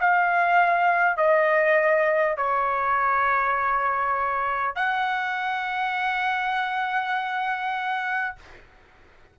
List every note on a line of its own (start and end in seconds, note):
0.00 1.17 F5
1.17 2.37 D#5
2.37 4.76 C#5
4.76 8.36 F#5